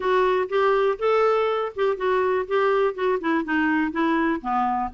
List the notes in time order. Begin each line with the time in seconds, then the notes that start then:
0.00 F#4
0.49 G4
0.98 A4
1.75 G4
1.96 F#4
2.47 G4
2.94 F#4
3.20 E4
3.44 D#4
3.91 E4
4.41 B3